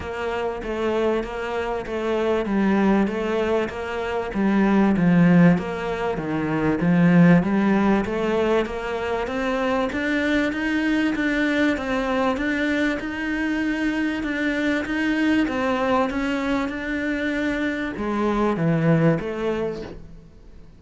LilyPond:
\new Staff \with { instrumentName = "cello" } { \time 4/4 \tempo 4 = 97 ais4 a4 ais4 a4 | g4 a4 ais4 g4 | f4 ais4 dis4 f4 | g4 a4 ais4 c'4 |
d'4 dis'4 d'4 c'4 | d'4 dis'2 d'4 | dis'4 c'4 cis'4 d'4~ | d'4 gis4 e4 a4 | }